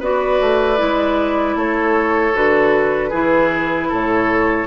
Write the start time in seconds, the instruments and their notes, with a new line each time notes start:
0.00 bassoon B3, clarinet F#4, oboe B4, flute D5
0.41 bassoon A3
0.77 bassoon G#3, clarinet E4
1.56 bassoon A3, oboe A4, flute C#5
2.34 bassoon D3, clarinet F#4, flute B4
3.10 bassoon E3, clarinet E4, oboe G#4
3.89 bassoon A2, oboe A4, flute C#5